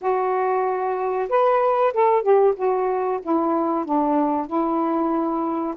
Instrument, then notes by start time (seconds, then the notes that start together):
saxophone
0.01 F#4
1.29 B4
1.93 A4
2.22 G4
2.56 F#4
3.22 E4
3.85 D4
4.47 E4